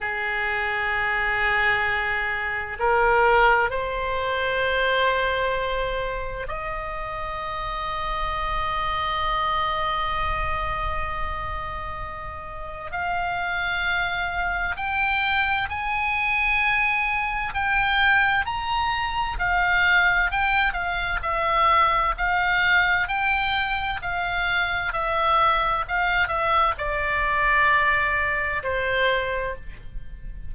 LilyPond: \new Staff \with { instrumentName = "oboe" } { \time 4/4 \tempo 4 = 65 gis'2. ais'4 | c''2. dis''4~ | dis''1~ | dis''2 f''2 |
g''4 gis''2 g''4 | ais''4 f''4 g''8 f''8 e''4 | f''4 g''4 f''4 e''4 | f''8 e''8 d''2 c''4 | }